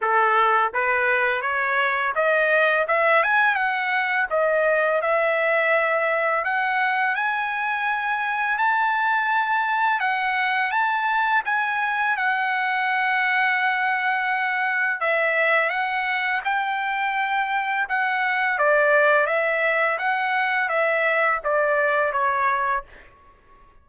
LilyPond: \new Staff \with { instrumentName = "trumpet" } { \time 4/4 \tempo 4 = 84 a'4 b'4 cis''4 dis''4 | e''8 gis''8 fis''4 dis''4 e''4~ | e''4 fis''4 gis''2 | a''2 fis''4 a''4 |
gis''4 fis''2.~ | fis''4 e''4 fis''4 g''4~ | g''4 fis''4 d''4 e''4 | fis''4 e''4 d''4 cis''4 | }